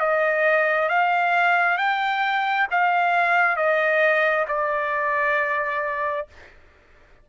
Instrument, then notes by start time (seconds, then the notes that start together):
trumpet
0.00 D#5
0.89 F5
1.78 G5
2.71 F5
3.57 D#5
4.49 D5